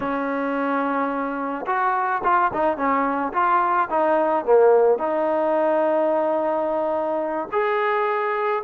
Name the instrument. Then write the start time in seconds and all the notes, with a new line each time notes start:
trombone
0.00 C#4
1.66 F#4
2.23 F4
2.53 D#4
2.77 C#4
3.33 F4
3.90 D#4
4.45 A#3
4.98 D#4
7.52 G#4